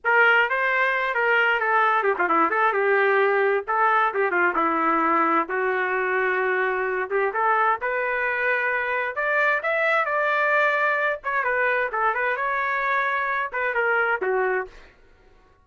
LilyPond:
\new Staff \with { instrumentName = "trumpet" } { \time 4/4 \tempo 4 = 131 ais'4 c''4. ais'4 a'8~ | a'8 g'16 f'16 e'8 a'8 g'2 | a'4 g'8 f'8 e'2 | fis'2.~ fis'8 g'8 |
a'4 b'2. | d''4 e''4 d''2~ | d''8 cis''8 b'4 a'8 b'8 cis''4~ | cis''4. b'8 ais'4 fis'4 | }